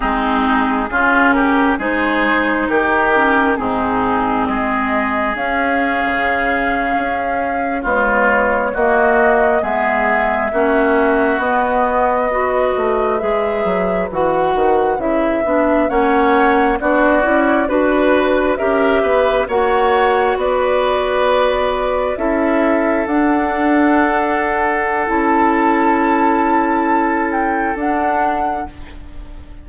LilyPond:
<<
  \new Staff \with { instrumentName = "flute" } { \time 4/4 \tempo 4 = 67 gis'4. ais'8 c''4 ais'4 | gis'4 dis''4 f''2~ | f''8. cis''4 dis''4 e''4~ e''16~ | e''8. dis''2 e''4 fis''16~ |
fis''8. e''4 fis''4 d''4 b'16~ | b'8. e''4 fis''4 d''4~ d''16~ | d''8. e''4 fis''2~ fis''16 | a''2~ a''8 g''8 fis''4 | }
  \new Staff \with { instrumentName = "oboe" } { \time 4/4 dis'4 f'8 g'8 gis'4 g'4 | dis'4 gis'2.~ | gis'8. f'4 fis'4 gis'4 fis'16~ | fis'4.~ fis'16 b'2~ b'16~ |
b'4.~ b'16 cis''4 fis'4 b'16~ | b'8. ais'8 b'8 cis''4 b'4~ b'16~ | b'8. a'2.~ a'16~ | a'1 | }
  \new Staff \with { instrumentName = "clarinet" } { \time 4/4 c'4 cis'4 dis'4. cis'8 | c'2 cis'2~ | cis'8. gis4 ais4 b4 cis'16~ | cis'8. b4 fis'4 gis'4 fis'16~ |
fis'8. e'8 d'8 cis'4 d'8 e'8 fis'16~ | fis'8. g'4 fis'2~ fis'16~ | fis'8. e'4 d'2~ d'16 | e'2. d'4 | }
  \new Staff \with { instrumentName = "bassoon" } { \time 4/4 gis4 cis4 gis4 dis4 | gis,4 gis4 cis'8. cis4 cis'16~ | cis'8. b4 ais4 gis4 ais16~ | ais8. b4. a8 gis8 fis8 e16~ |
e16 dis8 cis8 b8 ais4 b8 cis'8 d'16~ | d'8. cis'8 b8 ais4 b4~ b16~ | b8. cis'4 d'2~ d'16 | cis'2. d'4 | }
>>